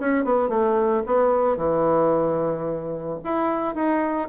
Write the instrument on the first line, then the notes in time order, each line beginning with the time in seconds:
bassoon
0.00 C#4
0.24 B3
0.49 A3
1.06 B3
1.57 E3
3.24 E4
3.75 D#4